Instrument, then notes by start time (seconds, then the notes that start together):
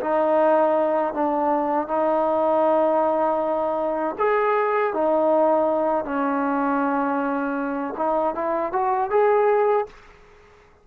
trombone
0.00 D#4
1.14 D4
1.87 D#4
4.18 G#4
4.94 D#4
6.04 C#4
7.97 D#4
8.35 E4
8.72 F#4
9.10 G#4